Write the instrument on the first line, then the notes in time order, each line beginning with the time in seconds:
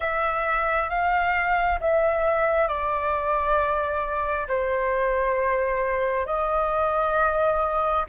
flute
0.00 E5
0.90 F5
1.80 E5
2.68 D5
4.48 C5
6.26 D#5